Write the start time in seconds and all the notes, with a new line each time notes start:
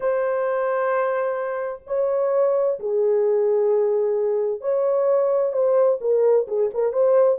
0.00 C5
1.86 C#5
2.79 G#4
4.60 C#5
5.52 C5
6.00 A#4
6.47 G#4
6.74 A#4
6.92 C5